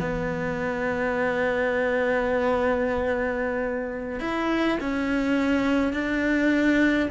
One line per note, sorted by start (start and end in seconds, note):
0.00 4.20 B3
4.20 4.78 E4
4.80 5.93 C#4
5.93 7.10 D4